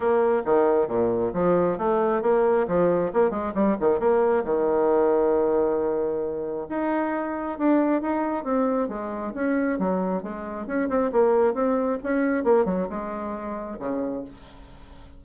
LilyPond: \new Staff \with { instrumentName = "bassoon" } { \time 4/4 \tempo 4 = 135 ais4 dis4 ais,4 f4 | a4 ais4 f4 ais8 gis8 | g8 dis8 ais4 dis2~ | dis2. dis'4~ |
dis'4 d'4 dis'4 c'4 | gis4 cis'4 fis4 gis4 | cis'8 c'8 ais4 c'4 cis'4 | ais8 fis8 gis2 cis4 | }